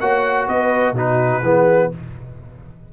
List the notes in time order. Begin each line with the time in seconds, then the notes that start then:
0.00 A#3 F#4 C#5 F#5
0.48 B3 B4 D#5
0.92 B2 D#4 F#4 B4
1.43 E3 B3 G#4